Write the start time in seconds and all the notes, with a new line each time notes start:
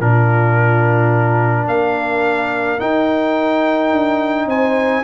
0.00 A#2 D4 F4 A#4
1.67 A#3 A#4 F5
2.79 D#4 G5
3.91 D4
4.45 C4 C5 G#5